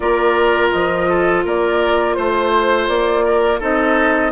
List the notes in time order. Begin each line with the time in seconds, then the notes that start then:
0.00 A#3 F4 A#4 D5
0.70 F3 D#5
1.09 A4
1.44 A#3 A#4 D5
2.14 A3 C5
2.88 A#3 D5
3.24 A#4
3.59 C4 D#4 A4 D#5